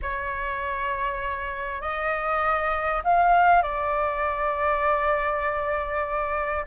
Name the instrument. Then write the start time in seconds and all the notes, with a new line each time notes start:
flute
0.02 C#5
1.81 D#5
3.04 F5
3.62 D5